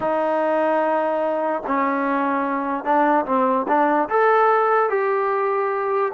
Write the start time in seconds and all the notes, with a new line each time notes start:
0.00 D#4
1.66 C#4
2.84 D4
3.25 C4
3.67 D4
4.09 A4
4.89 G4